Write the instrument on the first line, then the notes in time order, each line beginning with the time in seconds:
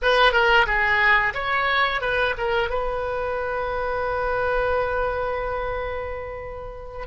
oboe
0.02 B4
0.32 A#4
0.66 G#4
1.34 C#5
2.01 B4
2.37 A#4
2.69 B4